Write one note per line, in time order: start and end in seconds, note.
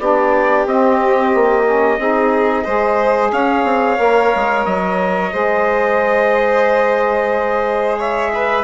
0.00 0.66 B3
0.00 0.67 D4
0.00 2.00 G4
0.00 0.67 D5
0.66 1.33 C4
0.66 1.65 C4
0.66 3.33 D#5
1.35 1.99 A#3
1.65 1.99 C#4
1.99 2.65 C4
1.99 2.66 D#4
1.99 2.65 G#4
2.65 3.32 G#3
2.65 3.97 G#4
2.65 3.31 C5
3.32 3.64 C#4
3.32 5.33 C#5
3.32 4.66 F5
3.64 3.98 C4
3.97 4.33 A#3
3.97 5.31 A#4
4.36 4.66 G#3
4.66 5.33 F#3
4.66 7.99 D#5
5.33 8.64 G#3
5.33 8.64 G#4
5.33 7.98 C5
7.98 8.32 C#5
7.98 8.64 E5
8.34 8.64 B4